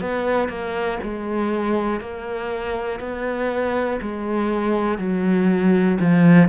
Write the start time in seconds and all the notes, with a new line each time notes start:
0.00 B3
0.48 A#3
1.02 G#3
2.00 A#3
3.00 B3
4.01 G#3
4.98 F#3
6.00 F3